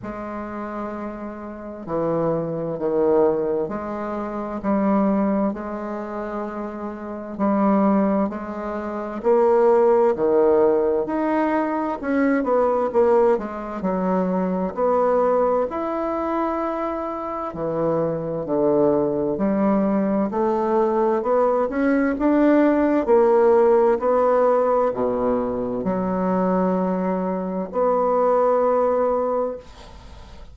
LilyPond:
\new Staff \with { instrumentName = "bassoon" } { \time 4/4 \tempo 4 = 65 gis2 e4 dis4 | gis4 g4 gis2 | g4 gis4 ais4 dis4 | dis'4 cis'8 b8 ais8 gis8 fis4 |
b4 e'2 e4 | d4 g4 a4 b8 cis'8 | d'4 ais4 b4 b,4 | fis2 b2 | }